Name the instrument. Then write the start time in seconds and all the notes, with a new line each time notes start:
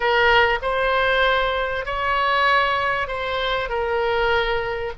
oboe
0.00 A#4
0.62 C5
1.85 C#5
3.07 C5
3.69 A#4